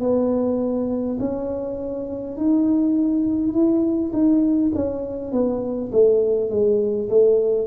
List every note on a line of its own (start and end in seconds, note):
0.00 1.18 B3
1.20 2.37 C#4
2.37 3.53 D#4
3.53 4.12 E4
4.13 4.72 D#4
4.75 5.32 C#4
5.32 5.91 B3
5.92 6.50 A3
6.50 7.09 G#3
7.09 7.67 A3